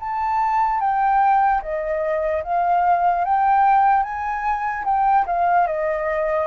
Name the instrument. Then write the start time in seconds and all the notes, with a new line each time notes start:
flute
0.00 A5
0.80 G5
1.62 D#5
2.44 F5
3.25 G5
4.03 G#5
4.85 G5
5.26 F5
5.67 D#5